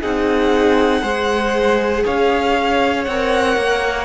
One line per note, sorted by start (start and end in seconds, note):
0.00 1.02 C4
0.00 1.02 D#4
0.00 1.01 G#4
0.00 2.05 F#5
1.01 2.04 G#3
1.01 3.06 G#4
1.01 2.03 C5
2.04 3.07 C#4
2.04 4.05 C#5
2.04 3.04 F5
3.04 3.56 C4
3.04 4.05 A#4
3.04 4.05 F#5
3.56 4.05 A#3